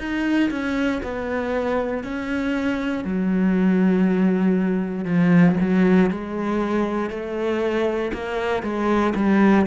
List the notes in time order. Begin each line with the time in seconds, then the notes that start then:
0.00 D#4
0.51 C#4
1.03 B3
2.04 C#4
3.05 F#3
5.05 F3
5.61 F#3
6.11 G#3
7.10 A3
8.14 A#3
8.63 G#3
9.16 G3